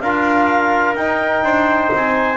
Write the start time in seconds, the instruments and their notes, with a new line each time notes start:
0.00 double bass D4, trombone F4, trumpet A#4, clarinet F5
0.95 double bass D#4, trombone D#4, clarinet G5
1.43 double bass D4, trumpet C5
1.94 double bass C4, clarinet G#5